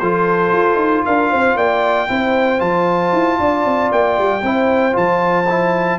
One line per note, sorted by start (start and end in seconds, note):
0.00 0.52 F3
0.00 2.09 F4
0.00 1.05 A4
0.00 1.04 C5
0.52 0.76 F4
0.76 1.02 D#4
1.05 1.33 D4
1.05 1.31 A#4
1.05 1.58 F5
1.31 1.56 C4
1.31 1.57 C5
1.56 2.08 A#3
1.56 2.09 D5
1.56 2.61 G5
2.09 2.61 C4
2.09 2.59 E4
2.09 3.40 C5
2.59 3.13 F3
2.59 4.41 F4
2.59 3.91 A5
3.13 3.39 E4
3.39 3.65 D4
3.39 4.44 D5
3.65 3.91 C4
3.92 4.18 A#3
3.92 4.97 G5
4.18 4.43 G3
4.43 4.95 C4
4.43 4.93 E4
4.43 5.99 C5
4.93 5.99 F3
4.93 5.45 F4
4.93 5.99 A5
5.50 5.99 E4